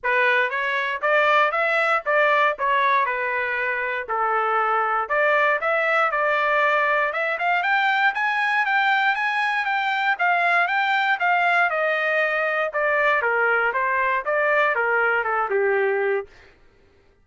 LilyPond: \new Staff \with { instrumentName = "trumpet" } { \time 4/4 \tempo 4 = 118 b'4 cis''4 d''4 e''4 | d''4 cis''4 b'2 | a'2 d''4 e''4 | d''2 e''8 f''8 g''4 |
gis''4 g''4 gis''4 g''4 | f''4 g''4 f''4 dis''4~ | dis''4 d''4 ais'4 c''4 | d''4 ais'4 a'8 g'4. | }